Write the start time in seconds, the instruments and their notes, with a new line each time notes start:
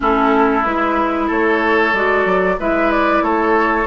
0.00 bassoon A3, clarinet C#4, oboe E4, flute A4
0.63 bassoon G#3, clarinet E4, flute B4
1.26 bassoon A3, oboe A4, flute C#5
1.93 bassoon G#3, clarinet F#4, flute D5
2.25 bassoon F#3
2.59 bassoon G#3, clarinet E4, oboe B4, flute E5
2.91 flute D5
3.21 bassoon A3, oboe A4, flute C#5